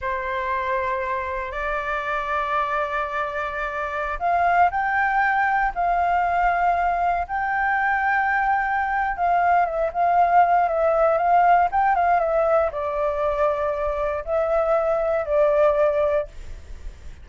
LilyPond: \new Staff \with { instrumentName = "flute" } { \time 4/4 \tempo 4 = 118 c''2. d''4~ | d''1~ | d''16 f''4 g''2 f''8.~ | f''2~ f''16 g''4.~ g''16~ |
g''2 f''4 e''8 f''8~ | f''4 e''4 f''4 g''8 f''8 | e''4 d''2. | e''2 d''2 | }